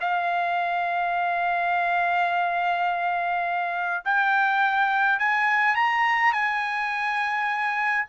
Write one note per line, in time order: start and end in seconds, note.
0.00 4.04 F5
4.05 5.19 G5
5.19 5.75 G#5
5.75 6.33 A#5
6.33 8.06 G#5